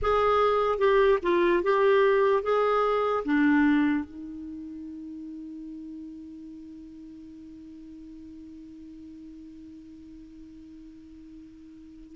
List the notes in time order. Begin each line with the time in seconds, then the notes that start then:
0.02 G#4
0.78 G4
1.22 F4
1.63 G4
2.42 G#4
3.24 D4
4.04 D#4